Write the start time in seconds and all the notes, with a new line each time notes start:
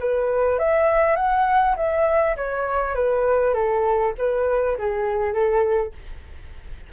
0.00 B4
0.59 E5
1.17 F#5
1.77 E5
2.37 C#5
2.95 B4
3.55 A4
4.18 B4
4.78 G#4
5.34 A4